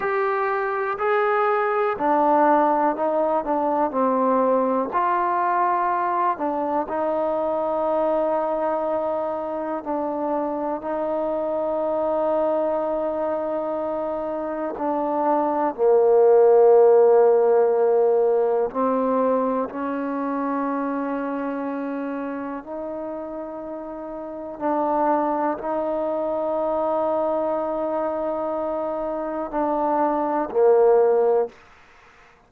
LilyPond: \new Staff \with { instrumentName = "trombone" } { \time 4/4 \tempo 4 = 61 g'4 gis'4 d'4 dis'8 d'8 | c'4 f'4. d'8 dis'4~ | dis'2 d'4 dis'4~ | dis'2. d'4 |
ais2. c'4 | cis'2. dis'4~ | dis'4 d'4 dis'2~ | dis'2 d'4 ais4 | }